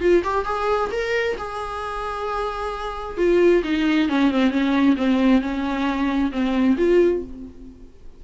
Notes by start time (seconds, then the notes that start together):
0.00 F4
0.24 G4
0.45 G#4
0.91 A#4
1.38 G#4
3.17 F4
3.64 D#4
4.09 C#4
4.31 C4
4.51 C#4
4.96 C4
5.41 C#4
6.32 C4
6.77 F4